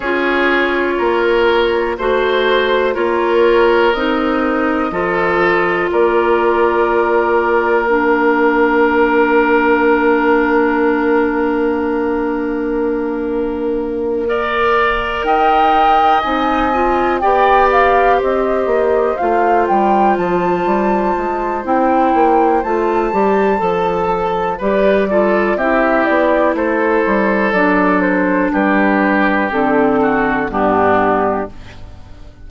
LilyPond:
<<
  \new Staff \with { instrumentName = "flute" } { \time 4/4 \tempo 4 = 61 cis''2 c''4 cis''4 | dis''2 d''2 | f''1~ | f''2.~ f''8 g''8~ |
g''8 gis''4 g''8 f''8 dis''4 f''8 | g''8 a''4. g''4 a''4~ | a''4 d''4 e''8 d''8 c''4 | d''8 c''8 b'4 a'4 g'4 | }
  \new Staff \with { instrumentName = "oboe" } { \time 4/4 gis'4 ais'4 c''4 ais'4~ | ais'4 a'4 ais'2~ | ais'1~ | ais'2~ ais'8 d''4 dis''8~ |
dis''4. d''4 c''4.~ | c''1~ | c''4 b'8 a'8 g'4 a'4~ | a'4 g'4. fis'8 d'4 | }
  \new Staff \with { instrumentName = "clarinet" } { \time 4/4 f'2 fis'4 f'4 | dis'4 f'2. | d'1~ | d'2~ d'8 ais'4.~ |
ais'8 dis'8 f'8 g'2 f'8~ | f'2 e'4 f'8 g'8 | a'4 g'8 f'8 e'2 | d'2 c'4 b4 | }
  \new Staff \with { instrumentName = "bassoon" } { \time 4/4 cis'4 ais4 a4 ais4 | c'4 f4 ais2~ | ais1~ | ais2.~ ais8 dis'8~ |
dis'8 c'4 b4 c'8 ais8 a8 | g8 f8 g8 gis8 c'8 ais8 a8 g8 | f4 g4 c'8 b8 a8 g8 | fis4 g4 d4 g,4 | }
>>